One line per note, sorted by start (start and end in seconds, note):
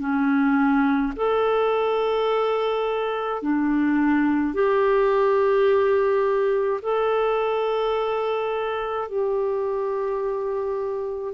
0.00 1.13 C#4
1.16 3.42 A4
3.42 4.54 D4
4.54 6.81 G4
6.82 9.09 A4
9.09 11.34 G4